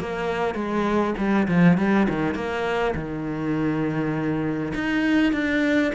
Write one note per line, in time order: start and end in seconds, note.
0.00 0.55 A#3
0.55 1.14 G#3
1.18 1.47 G3
1.48 1.78 F3
1.78 2.07 G3
2.09 2.35 D#3
2.35 2.94 A#3
2.95 4.73 D#3
4.75 5.32 D#4
5.32 5.92 D4